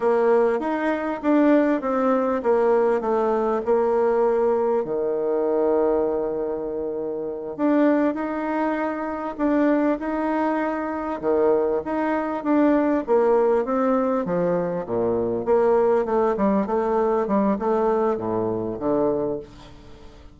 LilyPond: \new Staff \with { instrumentName = "bassoon" } { \time 4/4 \tempo 4 = 99 ais4 dis'4 d'4 c'4 | ais4 a4 ais2 | dis1~ | dis8 d'4 dis'2 d'8~ |
d'8 dis'2 dis4 dis'8~ | dis'8 d'4 ais4 c'4 f8~ | f8 ais,4 ais4 a8 g8 a8~ | a8 g8 a4 a,4 d4 | }